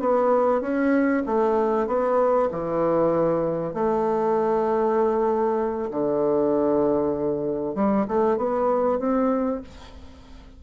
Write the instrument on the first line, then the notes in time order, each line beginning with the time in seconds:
bassoon
0.00 B3
0.61 C#4
1.27 A3
1.87 B3
2.51 E3
3.74 A3
5.91 D3
7.75 G3
8.08 A3
8.37 B3
8.99 C4